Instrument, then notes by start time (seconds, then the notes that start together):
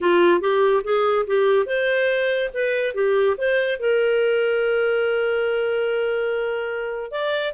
clarinet
0.00 F4
0.40 G4
0.83 G#4
1.26 G4
1.66 C5
2.53 B4
2.94 G4
3.37 C5
3.79 A#4
7.11 D5